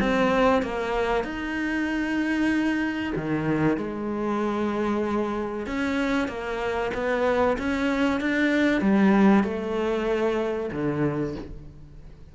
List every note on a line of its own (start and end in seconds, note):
0.00 0.62 C4
0.62 1.24 A#3
1.24 3.13 D#4
3.16 3.77 D#3
3.77 5.66 G#3
5.66 6.28 C#4
6.28 6.91 A#3
6.94 7.57 B3
7.58 8.20 C#4
8.20 8.81 D4
8.81 9.44 G3
9.44 10.70 A3
10.72 11.35 D3